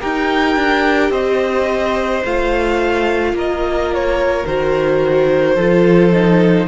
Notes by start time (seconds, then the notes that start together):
0.00 D#4 G4 A#4 G5
0.56 D4
1.10 C4 C5 D#5
2.24 A3 F4 F5
3.33 A#3 A#4 D#5
3.93 C#5
4.46 D#3 F#4 C5
5.55 F3 F4 A4
6.12 D#4